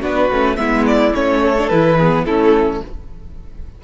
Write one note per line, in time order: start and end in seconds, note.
0.00 0.30 B3
0.00 0.31 D4
0.00 0.56 F#4
0.00 0.57 B4
0.31 0.58 A3
0.31 0.57 C#4
0.57 1.14 G#3
0.57 1.13 B3
0.57 1.43 E4
0.57 0.85 E5
0.87 1.15 D5
1.15 1.71 A3
1.15 1.57 C#4
1.15 1.69 C#5
1.43 1.98 A4
1.58 1.71 D4
1.69 2.25 E3
1.69 1.99 E4
1.69 2.25 B4
1.98 2.28 B3
1.98 2.25 G#4
2.25 2.81 A3
2.25 2.84 C#4
2.25 2.82 E4
2.25 2.82 A4